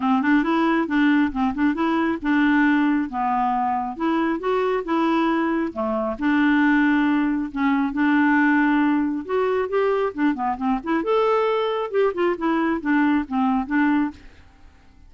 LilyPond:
\new Staff \with { instrumentName = "clarinet" } { \time 4/4 \tempo 4 = 136 c'8 d'8 e'4 d'4 c'8 d'8 | e'4 d'2 b4~ | b4 e'4 fis'4 e'4~ | e'4 a4 d'2~ |
d'4 cis'4 d'2~ | d'4 fis'4 g'4 d'8 b8 | c'8 e'8 a'2 g'8 f'8 | e'4 d'4 c'4 d'4 | }